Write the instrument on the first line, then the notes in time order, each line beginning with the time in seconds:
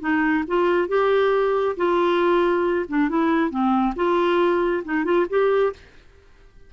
clarinet
0.00 D#4
0.47 F4
0.88 G4
1.76 F4
2.88 D4
3.09 E4
3.50 C4
3.95 F4
4.84 D#4
5.04 F4
5.29 G4